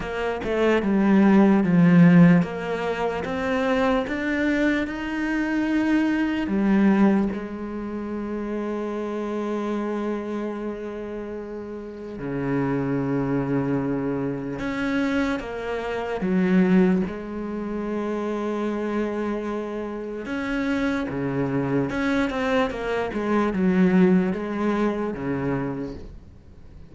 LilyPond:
\new Staff \with { instrumentName = "cello" } { \time 4/4 \tempo 4 = 74 ais8 a8 g4 f4 ais4 | c'4 d'4 dis'2 | g4 gis2.~ | gis2. cis4~ |
cis2 cis'4 ais4 | fis4 gis2.~ | gis4 cis'4 cis4 cis'8 c'8 | ais8 gis8 fis4 gis4 cis4 | }